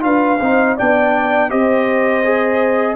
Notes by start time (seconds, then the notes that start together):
0.00 D4 F4 B4 F5
0.39 C4 D#4 C5
0.76 B3 D4 D5 G5
1.49 C4 G4 C5 D#5
2.24 G#4